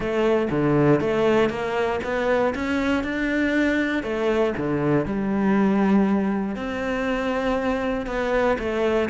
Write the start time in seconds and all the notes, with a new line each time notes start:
0.00 A3
0.50 D3
1.00 A3
1.49 A#3
2.03 B3
2.54 C#4
3.03 D4
4.03 A3
4.57 D3
5.05 G3
6.55 C4
8.06 B3
8.59 A3